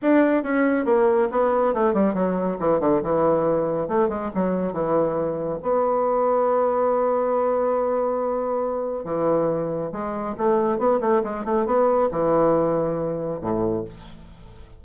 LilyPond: \new Staff \with { instrumentName = "bassoon" } { \time 4/4 \tempo 4 = 139 d'4 cis'4 ais4 b4 | a8 g8 fis4 e8 d8 e4~ | e4 a8 gis8 fis4 e4~ | e4 b2.~ |
b1~ | b4 e2 gis4 | a4 b8 a8 gis8 a8 b4 | e2. a,4 | }